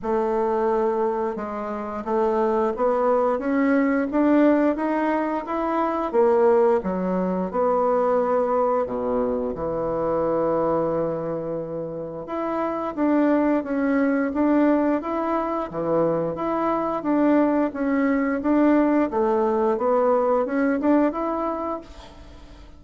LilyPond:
\new Staff \with { instrumentName = "bassoon" } { \time 4/4 \tempo 4 = 88 a2 gis4 a4 | b4 cis'4 d'4 dis'4 | e'4 ais4 fis4 b4~ | b4 b,4 e2~ |
e2 e'4 d'4 | cis'4 d'4 e'4 e4 | e'4 d'4 cis'4 d'4 | a4 b4 cis'8 d'8 e'4 | }